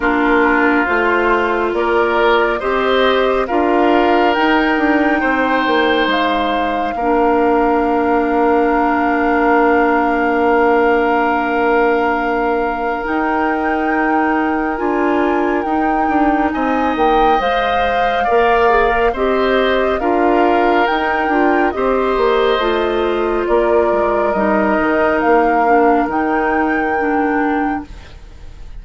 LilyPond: <<
  \new Staff \with { instrumentName = "flute" } { \time 4/4 \tempo 4 = 69 ais'4 c''4 d''4 dis''4 | f''4 g''2 f''4~ | f''1~ | f''2. g''4~ |
g''4 gis''4 g''4 gis''8 g''8 | f''2 dis''4 f''4 | g''4 dis''2 d''4 | dis''4 f''4 g''2 | }
  \new Staff \with { instrumentName = "oboe" } { \time 4/4 f'2 ais'4 c''4 | ais'2 c''2 | ais'1~ | ais'1~ |
ais'2. dis''4~ | dis''4 d''4 c''4 ais'4~ | ais'4 c''2 ais'4~ | ais'1 | }
  \new Staff \with { instrumentName = "clarinet" } { \time 4/4 d'4 f'2 g'4 | f'4 dis'2. | d'1~ | d'2. dis'4~ |
dis'4 f'4 dis'2 | c''4 ais'8 gis'16 ais'16 g'4 f'4 | dis'8 f'8 g'4 f'2 | dis'4. d'8 dis'4 d'4 | }
  \new Staff \with { instrumentName = "bassoon" } { \time 4/4 ais4 a4 ais4 c'4 | d'4 dis'8 d'8 c'8 ais8 gis4 | ais1~ | ais2. dis'4~ |
dis'4 d'4 dis'8 d'8 c'8 ais8 | gis4 ais4 c'4 d'4 | dis'8 d'8 c'8 ais8 a4 ais8 gis8 | g8 dis8 ais4 dis2 | }
>>